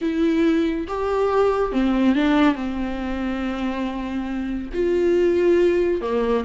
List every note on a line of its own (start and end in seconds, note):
0.01 0.87 E4
0.87 1.72 G4
1.72 2.15 C4
2.15 2.55 D4
2.55 4.69 C4
4.73 6.01 F4
6.01 6.44 A#3